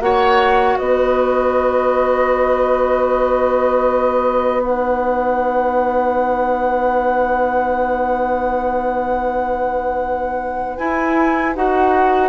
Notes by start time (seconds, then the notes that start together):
0.00 A#3 F#4 C#5 F#5
0.78 B3 B4 D#5
4.62 D#4 F#5
10.78 E4 G#5
11.55 D#4 F#4 F#5